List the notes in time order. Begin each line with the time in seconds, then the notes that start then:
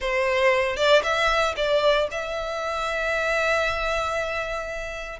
0.00 C5
0.76 D5
1.03 E5
1.56 D5
2.11 E5